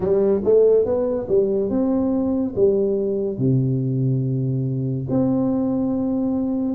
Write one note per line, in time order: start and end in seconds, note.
0.00 0.41 G3
0.44 0.85 A3
0.85 1.27 B3
1.28 1.69 G3
1.69 2.54 C4
2.55 3.38 G3
3.38 5.07 C3
5.09 6.74 C4